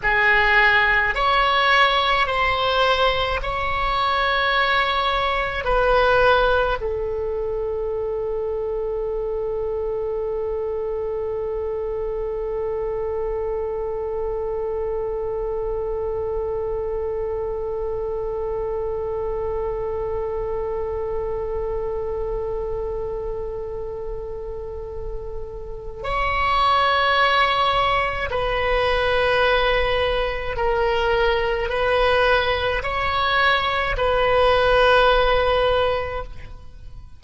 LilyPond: \new Staff \with { instrumentName = "oboe" } { \time 4/4 \tempo 4 = 53 gis'4 cis''4 c''4 cis''4~ | cis''4 b'4 a'2~ | a'1~ | a'1~ |
a'1~ | a'2. cis''4~ | cis''4 b'2 ais'4 | b'4 cis''4 b'2 | }